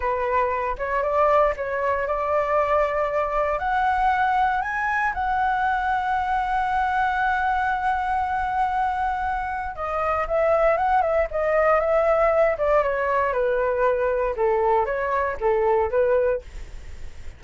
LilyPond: \new Staff \with { instrumentName = "flute" } { \time 4/4 \tempo 4 = 117 b'4. cis''8 d''4 cis''4 | d''2. fis''4~ | fis''4 gis''4 fis''2~ | fis''1~ |
fis''2. dis''4 | e''4 fis''8 e''8 dis''4 e''4~ | e''8 d''8 cis''4 b'2 | a'4 cis''4 a'4 b'4 | }